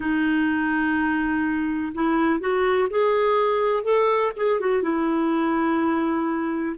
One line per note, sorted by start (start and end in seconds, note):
0.00 1.93 D#4
1.94 2.39 E4
2.39 2.88 F#4
2.90 3.83 G#4
3.83 4.32 A4
4.36 4.60 G#4
4.60 4.82 F#4
4.82 6.75 E4